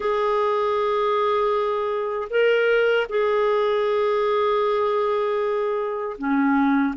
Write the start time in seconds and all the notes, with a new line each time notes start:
0.00 G#4
2.30 A#4
3.09 G#4
6.17 C#4